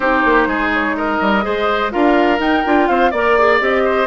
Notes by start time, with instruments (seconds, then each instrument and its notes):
0.00 bassoon C4, clarinet D#4, oboe G4, flute C5
0.24 bassoon A#3
0.47 bassoon G#3, oboe G#4
0.73 flute C#5
0.96 oboe A#4, flute D#5
1.20 bassoon G3
1.42 bassoon G#3, clarinet G#4, oboe C5
1.90 bassoon D4, clarinet F4, oboe A#4, flute F5
2.39 bassoon D#4, clarinet D#4, flute G5
2.64 bassoon D4, clarinet F4
2.87 bassoon C4, oboe C5, flute F5
3.10 bassoon A#3, clarinet A#4, oboe D5, flute D5
3.38 clarinet G#4
3.60 bassoon C4, clarinet G4, flute D#5
3.84 oboe C5